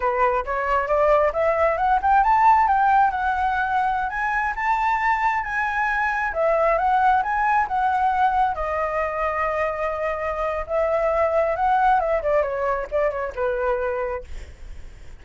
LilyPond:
\new Staff \with { instrumentName = "flute" } { \time 4/4 \tempo 4 = 135 b'4 cis''4 d''4 e''4 | fis''8 g''8 a''4 g''4 fis''4~ | fis''4~ fis''16 gis''4 a''4.~ a''16~ | a''16 gis''2 e''4 fis''8.~ |
fis''16 gis''4 fis''2 dis''8.~ | dis''1 | e''2 fis''4 e''8 d''8 | cis''4 d''8 cis''8 b'2 | }